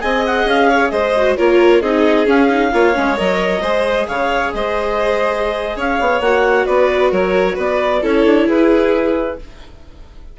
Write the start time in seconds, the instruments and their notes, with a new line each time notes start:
0.00 bassoon C4, viola G#4, violin D#5, clarinet G#5
0.26 clarinet F#5
0.45 bassoon C#4, clarinet F5
0.69 violin C#5
0.89 bassoon G#3, violin C5, clarinet D#5
1.17 viola F#4
1.37 bassoon A#3, viola F4, violin A#4, clarinet C#5
1.81 bassoon C4, viola D#4, violin G#4, clarinet D#5
2.26 viola C#4, bassoon C#4, clarinet F5
2.49 viola D#4
2.72 bassoon A#3, viola F4, violin C#5
2.95 bassoon G#3, viola C#4
3.17 bassoon F#3, viola A#4, clarinet D#5
3.62 bassoon G#3, viola G#4, violin C5
4.08 bassoon C#3, violin C#5, clarinet F5
4.53 bassoon G#3, violin C5, clarinet D#5
5.76 bassoon C#4, violin C#5, clarinet F5
6.00 bassoon B3
6.21 bassoon A#3, viola F#4, clarinet F#5
6.66 bassoon B3, violin B4, clarinet D5
7.11 bassoon F#3, violin A#4, clarinet C#5
7.55 bassoon B3, violin B4, clarinet D5
8.02 bassoon C#4, viola E4, violin A4, clarinet C#5
8.25 bassoon D4
8.47 bassoon E4, violin G#4, clarinet B4